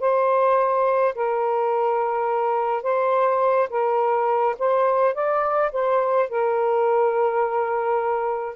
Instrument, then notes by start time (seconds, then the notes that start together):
saxophone
0.00 C5
1.15 A#4
2.83 C5
3.70 A#4
4.59 C5
5.14 D5
5.72 C5
6.29 A#4